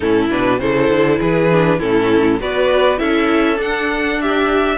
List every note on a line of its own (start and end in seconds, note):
0.00 0.30 A2
0.00 0.29 C#4
0.00 0.57 E4
0.00 0.29 A4
0.29 0.59 B2
0.29 0.59 D4
0.29 0.59 B4
0.59 0.89 C#3
0.59 1.50 E4
0.59 1.19 A4
0.59 1.19 C5
0.89 1.19 D3
1.19 1.80 E3
1.19 1.78 G#4
1.19 1.79 B4
1.51 1.79 D4
1.78 2.40 A2
1.78 2.39 C#4
1.78 2.38 E4
1.78 2.40 A4
2.40 3.00 B3
2.40 2.97 F#4
2.40 2.99 B4
2.40 2.98 D5
2.97 3.59 C#4
2.97 3.56 E4
2.97 4.19 A4
2.97 3.58 E5
3.56 4.76 D4
3.56 4.77 D4
3.56 4.21 F#5
4.21 4.77 G4
4.21 4.77 E5